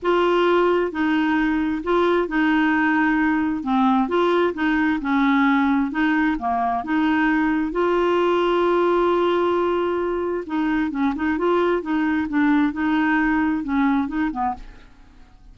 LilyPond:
\new Staff \with { instrumentName = "clarinet" } { \time 4/4 \tempo 4 = 132 f'2 dis'2 | f'4 dis'2. | c'4 f'4 dis'4 cis'4~ | cis'4 dis'4 ais4 dis'4~ |
dis'4 f'2.~ | f'2. dis'4 | cis'8 dis'8 f'4 dis'4 d'4 | dis'2 cis'4 dis'8 b8 | }